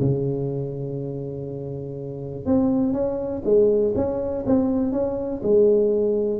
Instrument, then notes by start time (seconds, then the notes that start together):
tuba
0.00 C#3
2.46 C4
2.93 C#4
3.44 G#3
3.95 C#4
4.46 C4
4.92 C#4
5.42 G#3